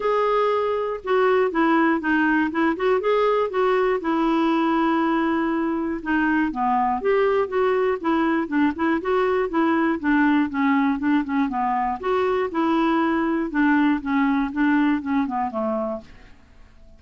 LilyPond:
\new Staff \with { instrumentName = "clarinet" } { \time 4/4 \tempo 4 = 120 gis'2 fis'4 e'4 | dis'4 e'8 fis'8 gis'4 fis'4 | e'1 | dis'4 b4 g'4 fis'4 |
e'4 d'8 e'8 fis'4 e'4 | d'4 cis'4 d'8 cis'8 b4 | fis'4 e'2 d'4 | cis'4 d'4 cis'8 b8 a4 | }